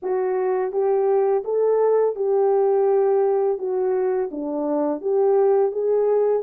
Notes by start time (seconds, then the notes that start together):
0.02 F#4
0.71 G4
1.44 A4
2.15 G4
3.57 F#4
4.31 D4
5.01 G4
5.71 G#4